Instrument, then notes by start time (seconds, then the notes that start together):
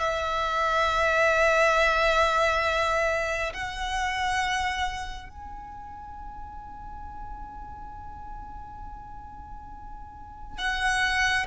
violin
0.00 E5
3.53 F#5
5.29 G#5
10.58 F#5